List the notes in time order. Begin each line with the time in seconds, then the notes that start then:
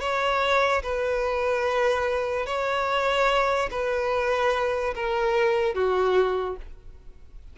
0.00 C#5
0.83 B4
2.46 C#5
3.71 B4
4.95 A#4
5.75 F#4